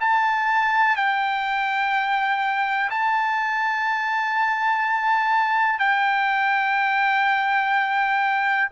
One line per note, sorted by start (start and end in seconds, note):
0.00 0.96 A5
0.96 2.89 G5
2.90 5.79 A5
5.79 8.69 G5